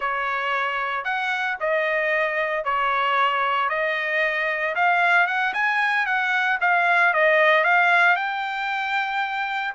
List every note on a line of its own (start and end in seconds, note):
0.00 1.04 C#5
1.04 1.56 F#5
1.60 2.64 D#5
2.64 3.69 C#5
3.69 4.74 D#5
4.75 5.27 F5
5.27 5.53 F#5
5.53 6.06 G#5
6.06 6.58 F#5
6.61 7.13 F5
7.13 7.64 D#5
7.64 8.16 F5
8.16 9.74 G5